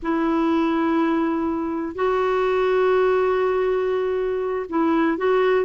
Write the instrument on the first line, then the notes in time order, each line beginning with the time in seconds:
clarinet
0.02 E4
1.95 F#4
4.69 E4
5.17 F#4